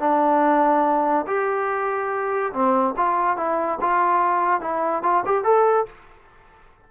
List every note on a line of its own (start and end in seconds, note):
0.00 1.26 D4
1.27 2.53 G4
2.53 2.95 C4
2.97 3.37 F4
3.37 3.79 E4
3.81 4.61 F4
4.61 5.03 E4
5.03 5.24 F4
5.26 5.45 G4
5.45 5.86 A4